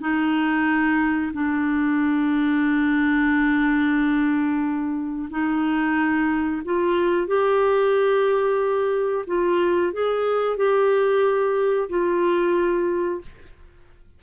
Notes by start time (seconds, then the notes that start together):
0.00 D#4
1.33 D4
5.30 D#4
6.65 F4
7.27 G4
9.27 F4
9.93 G#4
10.57 G4
11.89 F4